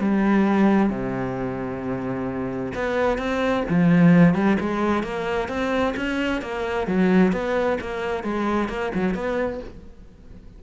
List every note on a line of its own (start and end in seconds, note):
0.00 0.90 G3
0.90 2.73 C3
2.75 3.18 B3
3.18 3.64 C4
3.69 4.35 F3
4.35 4.58 G3
4.60 5.03 G#3
5.03 5.49 A#3
5.49 5.95 C4
5.96 6.42 C#4
6.42 6.87 A#3
6.87 7.33 F#3
7.33 7.78 B3
7.81 8.24 A#3
8.24 8.69 G#3
8.69 8.92 A#3
8.94 9.15 F#3
9.15 9.60 B3